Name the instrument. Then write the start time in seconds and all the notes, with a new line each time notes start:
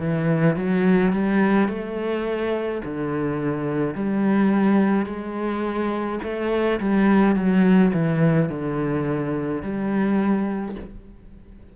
cello
0.00 E3
0.57 F#3
1.13 G3
1.69 A3
2.85 D3
3.95 G3
5.06 G#3
6.24 A3
6.80 G3
7.36 F#3
7.93 E3
8.50 D3
9.63 G3